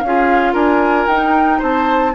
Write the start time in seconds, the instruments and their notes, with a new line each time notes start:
0.00 bassoon C#4, clarinet F4, flute F5
0.06 oboe G#4
0.53 bassoon D4, oboe A#4, flute G#5
1.07 bassoon D#4, clarinet D#4, flute G5
1.58 bassoon C4, oboe C5, flute A5